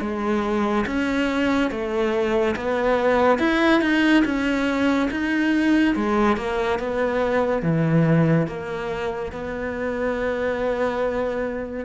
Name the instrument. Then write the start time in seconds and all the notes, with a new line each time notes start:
cello
0.00 G#3
0.86 C#4
1.71 A3
2.55 B3
3.38 E4
3.81 D#4
4.24 C#4
5.10 D#4
5.95 G#3
6.36 A#3
6.79 B3
7.62 E3
8.47 A#3
9.31 B3